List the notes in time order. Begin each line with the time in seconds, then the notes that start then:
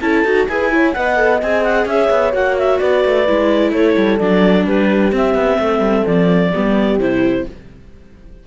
0.00 C#4 E4 A4 A5
0.24 D#4 F#4
0.47 E4 G#4 B4 G#5
0.71 E4 C#5
0.93 B3 B4 D#5 F#5
1.16 A4
1.42 C4 G#4 G#5
1.63 F#5
1.85 C#4 C#5 E5
2.10 B3
2.32 A#3 F#4 F#5
2.57 E5
2.79 B3 B4 D5
3.05 A3
3.27 G#3 E4
3.72 A3 A4 C#5
3.96 G3
4.19 F#3 D4 D5
4.66 G3 G4 B4
5.11 C4 E5
5.34 B3
5.59 A3 A4
5.79 G3
6.06 F3 D5
6.51 G3 B3 G4
6.98 C3 E4 C5